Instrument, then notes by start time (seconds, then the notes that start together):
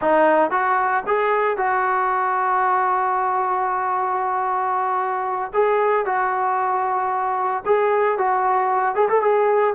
trombone
0.01 D#4
0.50 F#4
1.06 G#4
1.57 F#4
5.53 G#4
6.05 F#4
7.65 G#4
8.18 F#4
8.95 G#4
9.09 A4
9.21 G#4